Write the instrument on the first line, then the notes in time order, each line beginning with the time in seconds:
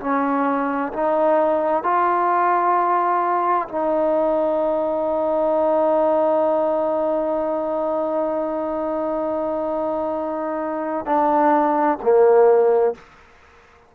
trombone
0.00 C#4
0.93 D#4
1.83 F4
3.69 D#4
11.06 D4
12.03 A#3